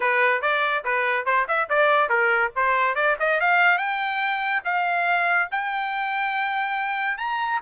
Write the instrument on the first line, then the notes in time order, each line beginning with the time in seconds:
trumpet
0.00 B4
0.41 D5
0.84 B4
1.25 C5
1.48 E5
1.69 D5
2.09 A#4
2.55 C5
2.95 D5
3.19 D#5
3.40 F5
3.77 G5
4.64 F5
5.51 G5
7.17 A#5